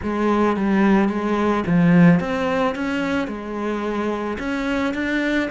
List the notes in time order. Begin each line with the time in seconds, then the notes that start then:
0.03 G#3
0.56 G3
1.09 G#3
1.66 F3
2.20 C4
2.75 C#4
3.27 G#3
4.39 C#4
4.94 D4